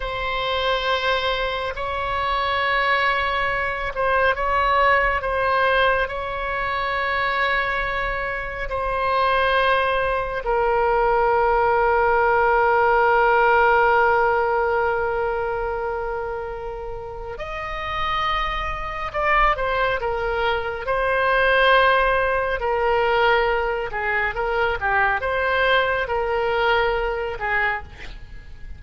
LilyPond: \new Staff \with { instrumentName = "oboe" } { \time 4/4 \tempo 4 = 69 c''2 cis''2~ | cis''8 c''8 cis''4 c''4 cis''4~ | cis''2 c''2 | ais'1~ |
ais'1 | dis''2 d''8 c''8 ais'4 | c''2 ais'4. gis'8 | ais'8 g'8 c''4 ais'4. gis'8 | }